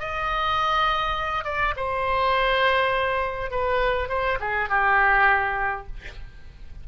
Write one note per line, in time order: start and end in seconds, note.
0.00 1.45 D#5
1.45 1.74 D5
1.77 3.51 C5
3.51 4.09 B4
4.09 4.39 C5
4.40 4.70 G#4
4.70 5.87 G4